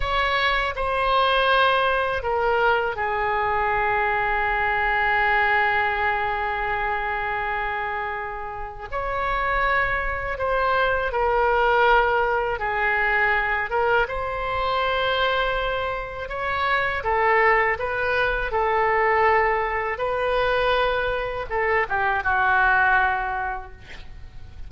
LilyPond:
\new Staff \with { instrumentName = "oboe" } { \time 4/4 \tempo 4 = 81 cis''4 c''2 ais'4 | gis'1~ | gis'1 | cis''2 c''4 ais'4~ |
ais'4 gis'4. ais'8 c''4~ | c''2 cis''4 a'4 | b'4 a'2 b'4~ | b'4 a'8 g'8 fis'2 | }